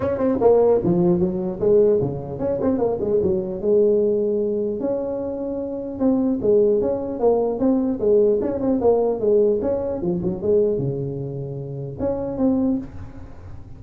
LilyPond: \new Staff \with { instrumentName = "tuba" } { \time 4/4 \tempo 4 = 150 cis'8 c'8 ais4 f4 fis4 | gis4 cis4 cis'8 c'8 ais8 gis8 | fis4 gis2. | cis'2. c'4 |
gis4 cis'4 ais4 c'4 | gis4 cis'8 c'8 ais4 gis4 | cis'4 f8 fis8 gis4 cis4~ | cis2 cis'4 c'4 | }